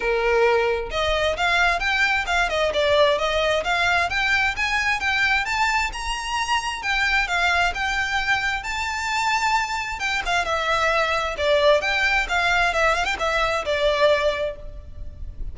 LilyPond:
\new Staff \with { instrumentName = "violin" } { \time 4/4 \tempo 4 = 132 ais'2 dis''4 f''4 | g''4 f''8 dis''8 d''4 dis''4 | f''4 g''4 gis''4 g''4 | a''4 ais''2 g''4 |
f''4 g''2 a''4~ | a''2 g''8 f''8 e''4~ | e''4 d''4 g''4 f''4 | e''8 f''16 g''16 e''4 d''2 | }